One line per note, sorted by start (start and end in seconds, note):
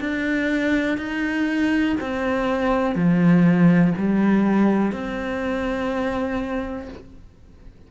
0.00 0.97 D4
0.97 1.96 D#4
2.01 2.95 C4
2.95 3.93 F3
3.97 4.92 G3
4.92 6.89 C4